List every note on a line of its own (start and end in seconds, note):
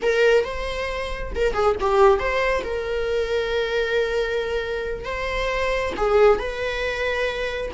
0.02 0.44 A#4
0.44 1.32 C5
1.35 1.53 A#4
1.53 1.75 G#4
1.80 2.19 G4
2.19 2.63 C5
2.64 5.05 A#4
5.05 5.93 C5
5.96 6.39 G#4
6.39 7.71 B4